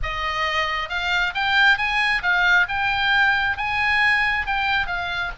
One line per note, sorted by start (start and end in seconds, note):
0.02 0.89 D#5
0.89 1.33 F5
1.34 1.77 G5
1.77 2.21 G#5
2.22 2.66 F5
2.68 3.57 G5
3.57 4.46 G#5
4.46 4.86 G5
4.86 5.31 F5